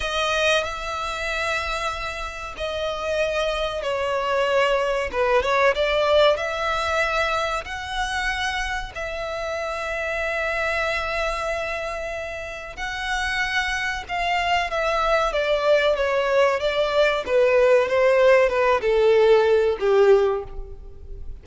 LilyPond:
\new Staff \with { instrumentName = "violin" } { \time 4/4 \tempo 4 = 94 dis''4 e''2. | dis''2 cis''2 | b'8 cis''8 d''4 e''2 | fis''2 e''2~ |
e''1 | fis''2 f''4 e''4 | d''4 cis''4 d''4 b'4 | c''4 b'8 a'4. g'4 | }